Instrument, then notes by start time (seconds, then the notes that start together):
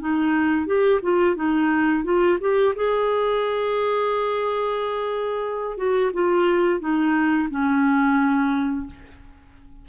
clarinet
0.00 D#4
0.67 G4
1.03 F4
1.36 D#4
2.04 F4
2.40 G4
2.76 G#4
5.77 F#4
6.14 F4
6.80 D#4
7.50 C#4